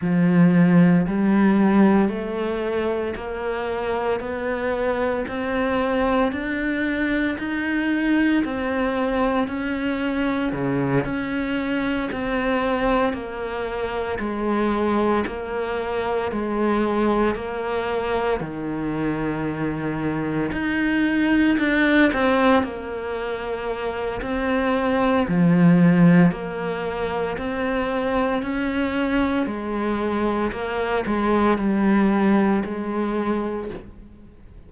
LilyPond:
\new Staff \with { instrumentName = "cello" } { \time 4/4 \tempo 4 = 57 f4 g4 a4 ais4 | b4 c'4 d'4 dis'4 | c'4 cis'4 cis8 cis'4 c'8~ | c'8 ais4 gis4 ais4 gis8~ |
gis8 ais4 dis2 dis'8~ | dis'8 d'8 c'8 ais4. c'4 | f4 ais4 c'4 cis'4 | gis4 ais8 gis8 g4 gis4 | }